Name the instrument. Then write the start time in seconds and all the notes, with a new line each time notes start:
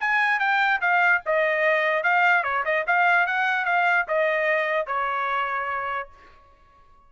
trumpet
0.00 G#5
0.39 G5
0.81 F5
1.26 D#5
2.03 F5
2.43 C#5
2.65 D#5
2.87 F5
3.26 F#5
3.65 F5
4.07 D#5
4.86 C#5